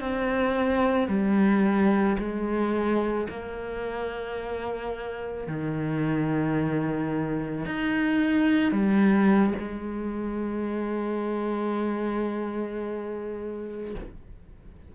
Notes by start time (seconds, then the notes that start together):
0.00 C4
1.08 G3
2.18 G#3
3.30 A#3
5.47 D#3
7.66 D#4
8.72 G3
9.59 G#3